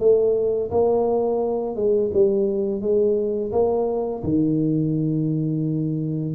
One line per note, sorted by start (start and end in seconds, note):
0.00 0.71 A3
0.71 1.76 A#3
1.76 2.11 G#3
2.14 2.81 G3
2.81 3.52 G#3
3.52 4.23 A#3
4.23 6.35 D#3